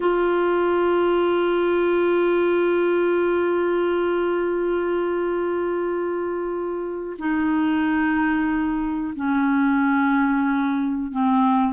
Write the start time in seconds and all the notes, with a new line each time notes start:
0.00 F4
7.18 D#4
9.15 C#4
11.11 C4